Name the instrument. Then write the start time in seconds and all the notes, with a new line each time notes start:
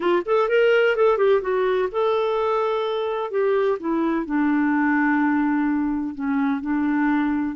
clarinet
0.00 F4
0.25 A4
0.48 A#4
0.96 A4
1.17 G4
1.41 F#4
1.91 A4
3.30 G4
3.79 E4
4.25 D4
6.14 C#4
6.61 D4